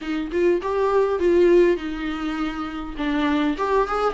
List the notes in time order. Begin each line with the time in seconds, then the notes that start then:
0.01 D#4
0.31 F4
0.62 G4
1.19 F4
1.76 D#4
2.97 D4
3.57 G4
3.87 G#4